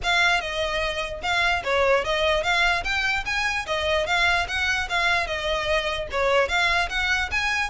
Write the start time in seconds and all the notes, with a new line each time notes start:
0.03 F5
0.40 D#5
1.22 F5
1.63 C#5
2.04 D#5
2.43 F5
2.83 G5
3.25 G#5
3.66 D#5
4.06 F5
4.47 F#5
4.89 F5
5.26 D#5
6.11 C#5
6.48 F5
6.89 F#5
7.31 G#5